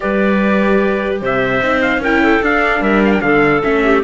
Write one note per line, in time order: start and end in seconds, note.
0.00 1.21 G3
0.00 1.61 G4
0.00 1.21 B4
0.00 1.18 D5
1.21 1.61 C3
1.21 2.01 C5
1.21 1.81 E5
1.61 1.98 C4
1.61 2.02 D#4
1.81 2.01 F5
1.98 2.38 C#4
1.98 2.21 A#4
1.98 2.44 G5
2.05 2.43 E4
2.22 2.81 A4
2.42 2.81 D4
2.42 3.62 D4
2.42 2.82 F5
2.81 3.21 G3
2.81 3.21 A#4
2.81 3.03 E5
3.05 3.12 F5
3.12 3.21 G5
3.21 3.62 D3
3.21 3.84 A4
3.21 3.61 F5
3.62 4.04 A3
3.62 4.03 C#4
3.62 4.03 E5
3.84 4.04 G4